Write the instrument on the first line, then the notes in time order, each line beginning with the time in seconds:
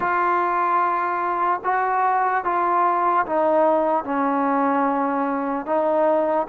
trombone
0.00 F4
1.64 F#4
2.44 F4
3.26 D#4
4.04 C#4
5.66 D#4